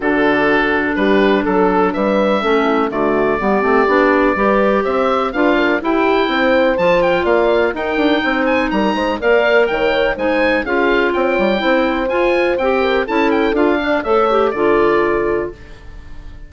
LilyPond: <<
  \new Staff \with { instrumentName = "oboe" } { \time 4/4 \tempo 4 = 124 a'2 b'4 a'4 | e''2 d''2~ | d''2 e''4 f''4 | g''2 a''8 g''8 f''4 |
g''4. gis''8 ais''4 f''4 | g''4 gis''4 f''4 g''4~ | g''4 gis''4 g''4 a''8 g''8 | f''4 e''4 d''2 | }
  \new Staff \with { instrumentName = "horn" } { \time 4/4 fis'2 g'4 a'4 | b'4 a'8 e'8 fis'4 g'4~ | g'4 b'4 c''4 b'8 ais'8 | g'4 c''2 d''4 |
ais'4 c''4 ais'8 c''8 d''4 | cis''4 c''4 gis'4 cis''4 | c''2~ c''8 ais'8 a'4~ | a'8 d''8 cis''4 a'2 | }
  \new Staff \with { instrumentName = "clarinet" } { \time 4/4 d'1~ | d'4 cis'4 a4 b8 c'8 | d'4 g'2 f'4 | e'2 f'2 |
dis'2. ais'4~ | ais'4 dis'4 f'2 | e'4 f'4 g'4 e'4 | f'8 d'8 a'8 g'8 f'2 | }
  \new Staff \with { instrumentName = "bassoon" } { \time 4/4 d2 g4 fis4 | g4 a4 d4 g8 a8 | b4 g4 c'4 d'4 | e'4 c'4 f4 ais4 |
dis'8 d'8 c'4 g8 gis8 ais4 | dis4 gis4 cis'4 c'8 g8 | c'4 f'4 c'4 cis'4 | d'4 a4 d2 | }
>>